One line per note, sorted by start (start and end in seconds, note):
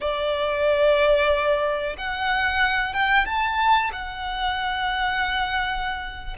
0.00 1.96 D5
1.97 2.93 F#5
2.93 3.25 G5
3.25 3.90 A5
3.92 6.36 F#5